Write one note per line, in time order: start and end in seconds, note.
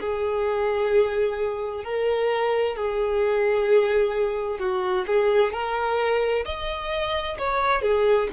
0.00 1.84 G#4
1.84 2.76 A#4
2.76 4.59 G#4
4.59 5.06 F#4
5.07 5.53 G#4
5.53 6.45 A#4
6.45 7.38 D#5
7.38 7.82 C#5
7.82 8.28 G#4